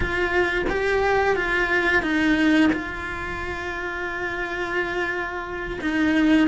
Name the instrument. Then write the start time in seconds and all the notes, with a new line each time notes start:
cello
0.00 F4
0.69 G4
1.35 F4
2.02 D#4
2.72 F4
5.81 D#4